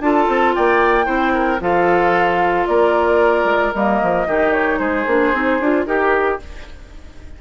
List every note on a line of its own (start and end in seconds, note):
0.00 0.27 D4
0.00 1.04 F4
0.00 0.55 A4
0.00 0.54 A5
0.28 0.54 C4
0.55 1.07 A#3
0.55 1.05 D5
0.55 1.61 G5
1.04 1.60 C4
1.04 1.57 E4
1.04 1.32 C5
1.34 1.60 A#4
1.60 2.67 F3
1.60 3.73 F4
1.60 2.69 A4
1.60 2.66 F5
2.66 3.44 A#3
2.66 4.27 A#4
2.66 3.73 D5
3.44 3.71 G#3
3.74 4.01 G3
3.74 4.27 A#3
3.74 4.52 D#5
4.02 4.26 F3
4.26 4.79 D#3
4.26 5.06 D#4
4.26 4.79 G4
4.52 4.78 C#5
4.78 5.06 G#3
4.78 5.85 G#4
4.78 5.84 C5
5.06 5.32 A#3
5.06 5.33 D4
5.33 5.59 C4
5.33 5.60 D#4
5.60 5.86 D4
5.60 5.86 F4
5.86 6.39 D#4
5.86 6.39 G4
5.86 6.41 G4
5.86 6.39 A#4